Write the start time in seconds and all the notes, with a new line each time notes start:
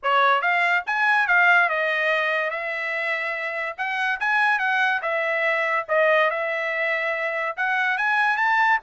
0.02 C#5
0.41 F5
0.86 G#5
1.27 F5
1.69 D#5
2.50 E5
3.77 F#5
4.20 G#5
4.58 F#5
5.02 E5
5.88 D#5
6.30 E5
7.56 F#5
7.97 G#5
8.36 A5